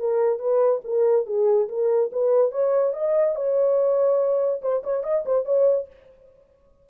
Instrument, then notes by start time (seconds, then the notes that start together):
horn
0.00 A#4
0.39 B4
0.85 A#4
1.27 G#4
1.69 A#4
2.13 B4
2.52 C#5
2.94 D#5
3.36 C#5
4.62 C5
4.84 C#5
5.04 D#5
5.26 C5
5.45 C#5